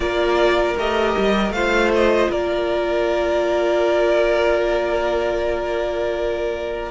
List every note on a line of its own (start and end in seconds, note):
0.00 0.76 A#3
0.00 0.76 F4
0.00 1.54 A#4
0.00 0.77 D5
0.77 1.15 A3
0.77 1.54 G4
0.77 1.52 D#5
1.17 1.50 G3
1.50 2.27 A3
1.50 6.91 F4
1.50 2.30 C5
1.50 1.90 F5
1.94 2.31 D#5
2.30 6.91 A#3
2.30 6.91 A#4
2.30 6.91 D5